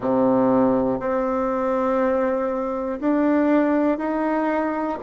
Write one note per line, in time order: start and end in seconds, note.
0.00 1.00 C3
1.00 3.00 C4
3.00 3.98 D4
3.98 4.98 D#4